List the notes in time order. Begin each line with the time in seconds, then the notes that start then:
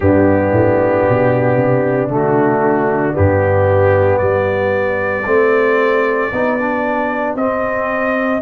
0.00 G2 B3 D4 G4
0.51 A2
1.09 B2
1.56 C3
2.08 D3 A3
2.15 F#4
3.12 G2 B3 G4
4.18 G3 G4 D5
5.25 A3 C4
6.32 B3 D#4
6.59 D4
7.35 C4 D#5